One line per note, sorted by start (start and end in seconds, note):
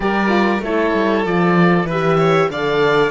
0.00 0.59 G3
0.00 0.28 G4
0.00 0.63 A#4
0.00 0.62 D5
0.28 0.60 F4
0.59 0.90 A3
0.59 1.24 E4
0.59 1.86 A4
0.59 1.26 C#5
0.94 1.25 G3
1.24 1.84 F3
1.24 1.87 F4
1.24 1.88 D5
1.84 2.46 E3
1.84 2.17 B4
1.84 2.50 E5
1.90 2.53 G4
2.18 2.49 C#5
2.49 3.10 D3
2.49 3.10 A4
2.49 3.10 D5
2.49 3.10 F5